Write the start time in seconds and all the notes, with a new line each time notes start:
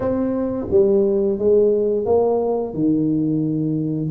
0.00 C4
0.70 G3
1.38 G#3
2.05 A#3
2.73 D#3